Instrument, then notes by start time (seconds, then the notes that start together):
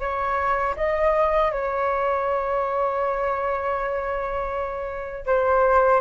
flute
0.00 C#5
0.76 D#5
1.51 C#5
5.26 C5